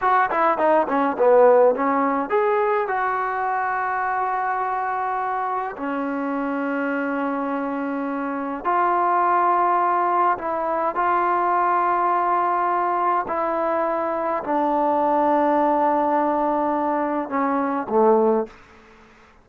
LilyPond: \new Staff \with { instrumentName = "trombone" } { \time 4/4 \tempo 4 = 104 fis'8 e'8 dis'8 cis'8 b4 cis'4 | gis'4 fis'2.~ | fis'2 cis'2~ | cis'2. f'4~ |
f'2 e'4 f'4~ | f'2. e'4~ | e'4 d'2.~ | d'2 cis'4 a4 | }